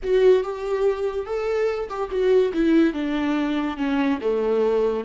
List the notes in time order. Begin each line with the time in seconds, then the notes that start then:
0.03 F#4
0.43 G4
1.25 A4
1.89 G4
2.10 F#4
2.53 E4
2.93 D4
3.77 C#4
4.21 A3